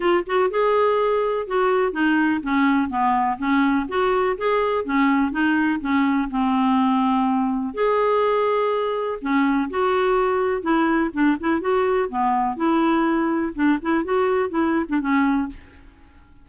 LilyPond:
\new Staff \with { instrumentName = "clarinet" } { \time 4/4 \tempo 4 = 124 f'8 fis'8 gis'2 fis'4 | dis'4 cis'4 b4 cis'4 | fis'4 gis'4 cis'4 dis'4 | cis'4 c'2. |
gis'2. cis'4 | fis'2 e'4 d'8 e'8 | fis'4 b4 e'2 | d'8 e'8 fis'4 e'8. d'16 cis'4 | }